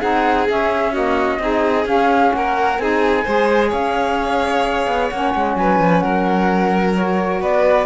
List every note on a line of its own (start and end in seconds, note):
0.00 0.49 C4
0.00 0.47 D#4
0.00 0.92 G#4
0.00 0.47 F#5
0.47 0.93 C#4
0.47 1.39 C#4
0.47 0.94 E5
0.93 1.40 A#3
0.93 1.39 F#4
0.93 1.87 D#5
1.39 1.85 C4
1.39 1.85 D#4
1.39 2.36 G#4
1.85 2.77 C#4
1.85 2.32 C#4
1.85 2.33 F5
2.33 2.79 A#3
2.33 2.82 A#4
2.33 2.78 F#5
2.78 3.25 C4
2.78 3.26 D#4
2.78 3.25 G#4
2.78 3.71 G#5
3.25 3.73 G#3
3.25 5.12 G#4
3.25 3.69 C5
3.69 4.87 C#4
3.69 5.53 C#5
3.69 5.10 F5
4.87 5.10 B3
5.10 5.35 A#3
5.10 6.95 C#4
5.10 5.56 F#5
5.35 5.57 G#3
5.57 5.79 F#3
5.57 6.03 B4
5.57 6.00 G#5
5.79 6.02 F3
6.00 7.41 F#3
6.00 7.42 A#4
6.00 6.92 F#5
6.95 7.86 F#4
6.95 7.41 C#5
7.41 7.86 B3
7.41 7.86 B4
7.41 7.86 D5